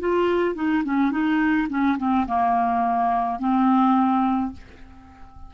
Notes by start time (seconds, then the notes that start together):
0.00 F4
0.55 D#4
0.85 C#4
1.11 D#4
1.69 C#4
1.98 C4
2.27 A#3
3.40 C4